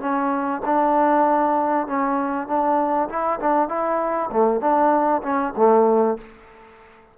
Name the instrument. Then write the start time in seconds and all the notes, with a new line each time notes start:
trombone
0.00 C#4
0.65 D4
1.87 C#4
2.47 D4
3.09 E4
3.40 D4
3.68 E4
4.32 A3
4.60 D4
5.23 C#4
5.57 A3